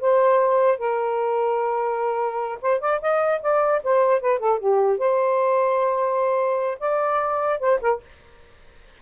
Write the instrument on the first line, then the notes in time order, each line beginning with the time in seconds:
saxophone
0.00 C5
0.78 A#4
2.61 C5
2.80 D5
3.01 D#5
3.41 D5
3.83 C5
4.21 B4
4.39 A4
4.59 G4
4.98 C5
6.79 D5
7.59 C5
7.81 A#4